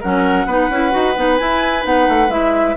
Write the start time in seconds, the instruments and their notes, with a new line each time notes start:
0.00 bassoon F#3, clarinet C#4, oboe A#4, flute F#5
0.46 bassoon B3, clarinet D#4, oboe B4
0.69 bassoon C#4, clarinet E4
0.90 bassoon D#4, clarinet F#4
1.16 bassoon B3, clarinet D#4
1.37 clarinet E4, bassoon E4, flute G#5
1.82 bassoon B3, clarinet D#4, flute F#5
2.08 bassoon A3
2.29 bassoon G#3, clarinet E4, flute E5